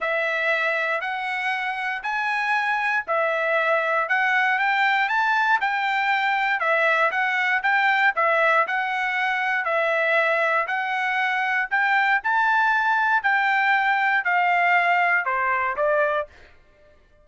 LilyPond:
\new Staff \with { instrumentName = "trumpet" } { \time 4/4 \tempo 4 = 118 e''2 fis''2 | gis''2 e''2 | fis''4 g''4 a''4 g''4~ | g''4 e''4 fis''4 g''4 |
e''4 fis''2 e''4~ | e''4 fis''2 g''4 | a''2 g''2 | f''2 c''4 d''4 | }